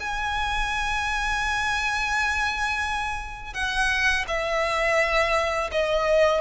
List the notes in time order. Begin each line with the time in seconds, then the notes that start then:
0.00 G#5
3.54 F#5
4.28 E5
5.71 D#5